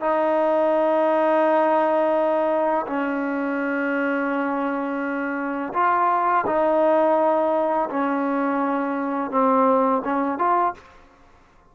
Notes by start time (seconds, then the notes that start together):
0.00 D#4
2.86 C#4
5.73 F4
6.46 D#4
7.90 C#4
9.30 C4
10.04 C#4
10.38 F4